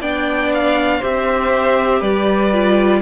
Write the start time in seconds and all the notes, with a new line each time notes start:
0.00 B3 D4 D5 G5
0.53 F5
0.98 C4 G4 C5 E5
1.99 G3 B4 D5
2.52 F4